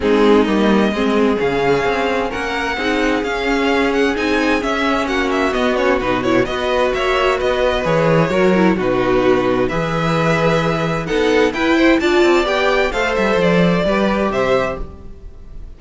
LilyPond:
<<
  \new Staff \with { instrumentName = "violin" } { \time 4/4 \tempo 4 = 130 gis'4 dis''2 f''4~ | f''4 fis''2 f''4~ | f''8 fis''8 gis''4 e''4 fis''8 e''8 | dis''8 cis''8 b'8 cis''8 dis''4 e''4 |
dis''4 cis''2 b'4~ | b'4 e''2. | fis''4 g''4 a''4 g''4 | f''8 e''8 d''2 e''4 | }
  \new Staff \with { instrumentName = "violin" } { \time 4/4 dis'2 gis'2~ | gis'4 ais'4 gis'2~ | gis'2. fis'4~ | fis'2 b'4 cis''4 |
b'2 ais'4 fis'4~ | fis'4 b'2. | a'4 b'8 c''8 d''2 | c''2 b'4 c''4 | }
  \new Staff \with { instrumentName = "viola" } { \time 4/4 c'4 ais4 c'4 cis'4~ | cis'2 dis'4 cis'4~ | cis'4 dis'4 cis'2 | b8 cis'8 dis'8 e'8 fis'2~ |
fis'4 gis'4 fis'8 e'8 dis'4~ | dis'4 gis'2. | dis'4 e'4 f'4 g'4 | a'2 g'2 | }
  \new Staff \with { instrumentName = "cello" } { \time 4/4 gis4 g4 gis4 cis4 | c'4 ais4 c'4 cis'4~ | cis'4 c'4 cis'4 ais4 | b4 b,4 b4 ais4 |
b4 e4 fis4 b,4~ | b,4 e2. | b4 e'4 d'8 c'8 b4 | a8 g8 f4 g4 c4 | }
>>